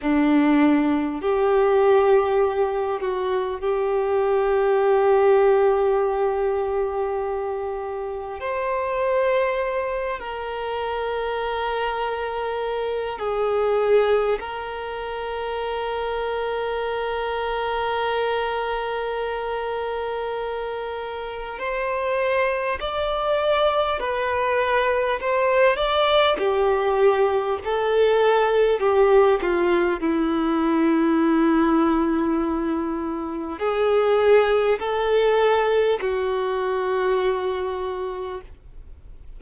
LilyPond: \new Staff \with { instrumentName = "violin" } { \time 4/4 \tempo 4 = 50 d'4 g'4. fis'8 g'4~ | g'2. c''4~ | c''8 ais'2~ ais'8 gis'4 | ais'1~ |
ais'2 c''4 d''4 | b'4 c''8 d''8 g'4 a'4 | g'8 f'8 e'2. | gis'4 a'4 fis'2 | }